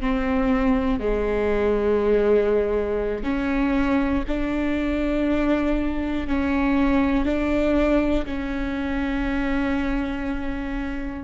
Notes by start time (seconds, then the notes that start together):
0.00 C4
1.00 G#3
3.23 C#4
4.27 D4
6.27 C#4
7.25 D4
8.25 C#4